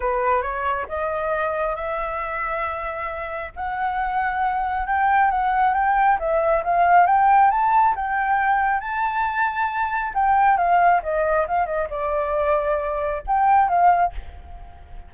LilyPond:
\new Staff \with { instrumentName = "flute" } { \time 4/4 \tempo 4 = 136 b'4 cis''4 dis''2 | e''1 | fis''2. g''4 | fis''4 g''4 e''4 f''4 |
g''4 a''4 g''2 | a''2. g''4 | f''4 dis''4 f''8 dis''8 d''4~ | d''2 g''4 f''4 | }